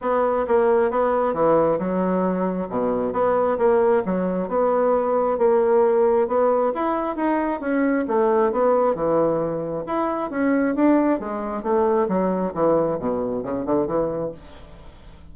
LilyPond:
\new Staff \with { instrumentName = "bassoon" } { \time 4/4 \tempo 4 = 134 b4 ais4 b4 e4 | fis2 b,4 b4 | ais4 fis4 b2 | ais2 b4 e'4 |
dis'4 cis'4 a4 b4 | e2 e'4 cis'4 | d'4 gis4 a4 fis4 | e4 b,4 cis8 d8 e4 | }